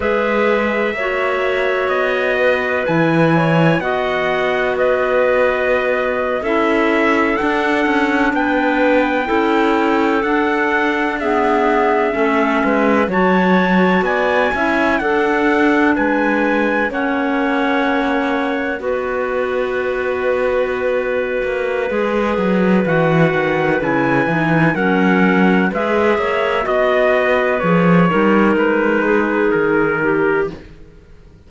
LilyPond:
<<
  \new Staff \with { instrumentName = "trumpet" } { \time 4/4 \tempo 4 = 63 e''2 dis''4 gis''4 | fis''4 dis''4.~ dis''16 e''4 fis''16~ | fis''8. g''2 fis''4 e''16~ | e''4.~ e''16 a''4 gis''4 fis''16~ |
fis''8. gis''4 fis''2 dis''16~ | dis''1 | fis''4 gis''4 fis''4 e''4 | dis''4 cis''4 b'4 ais'4 | }
  \new Staff \with { instrumentName = "clarinet" } { \time 4/4 b'4 cis''4. b'4 cis''8 | dis''4 b'4.~ b'16 a'4~ a'16~ | a'8. b'4 a'2 gis'16~ | gis'8. a'8 b'8 cis''4 d''8 e''8 a'16~ |
a'8. b'4 cis''2 b'16~ | b'1~ | b'2 ais'4 b'8 cis''8 | dis''8 b'4 ais'4 gis'4 g'8 | }
  \new Staff \with { instrumentName = "clarinet" } { \time 4/4 gis'4 fis'2 e'4 | fis'2~ fis'8. e'4 d'16~ | d'4.~ d'16 e'4 d'4 b16~ | b8. cis'4 fis'4. e'8 d'16~ |
d'4.~ d'16 cis'2 fis'16~ | fis'2. gis'4 | fis'4 e'8 dis'8 cis'4 gis'4 | fis'4 gis'8 dis'2~ dis'8 | }
  \new Staff \with { instrumentName = "cello" } { \time 4/4 gis4 ais4 b4 e4 | b2~ b8. cis'4 d'16~ | d'16 cis'8 b4 cis'4 d'4~ d'16~ | d'8. a8 gis8 fis4 b8 cis'8 d'16~ |
d'8. gis4 ais2 b16~ | b2~ b8 ais8 gis8 fis8 | e8 dis8 cis8 e8 fis4 gis8 ais8 | b4 f8 g8 gis4 dis4 | }
>>